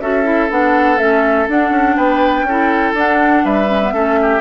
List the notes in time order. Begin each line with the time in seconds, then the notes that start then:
0.00 C#4 F#4 A4 E5
0.24 E4
0.49 B3 D4 F#5
0.98 A3 C#4 E5
1.48 D4 F#5
1.70 C#4
1.96 B3 B4 G5
2.43 C#4 A4
2.49 E4
2.94 D4 F#5
3.44 G3 B4 E5
3.68 C#4
3.82 B3
3.93 A3 C#4 A4
4.22 G4